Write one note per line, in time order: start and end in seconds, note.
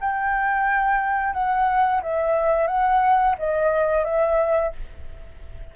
0.00 1.33 G5
1.33 2.01 F#5
2.02 2.67 E5
2.67 3.35 F#5
3.38 4.04 D#5
4.04 4.72 E5